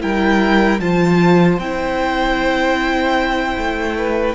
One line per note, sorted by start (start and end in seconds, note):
0.00 0.79 G3
0.00 0.79 E4
0.00 0.80 A#4
0.00 0.80 G5
0.79 1.58 F3
0.79 1.60 F4
0.79 3.97 C5
0.79 1.59 A5
1.58 3.55 C4
1.58 4.34 E4
1.58 4.34 G5
3.57 4.34 A3
3.97 4.34 B4